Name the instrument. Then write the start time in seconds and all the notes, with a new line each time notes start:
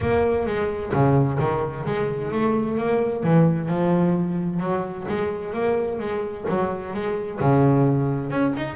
double bass
0.00 A#3
0.46 G#3
0.92 C#3
1.39 D#3
1.85 G#3
2.31 A3
2.77 A#3
3.23 E3
3.68 F3
4.60 F#3
5.08 G#3
5.53 A#3
5.99 G#3
6.49 F#3
6.93 G#3
7.40 C#3
8.30 C#4
8.56 D#4